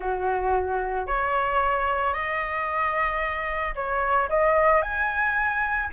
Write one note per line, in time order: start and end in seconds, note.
0.00 1.07 F#4
1.07 2.13 C#5
2.13 3.74 D#5
3.75 4.28 C#5
4.29 4.82 D#5
4.82 5.89 G#5